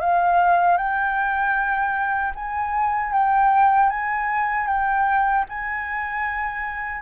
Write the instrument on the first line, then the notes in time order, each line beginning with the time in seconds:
flute
0.00 F5
0.77 G5
2.34 G#5
3.12 G5
3.89 G#5
4.66 G5
5.49 G#5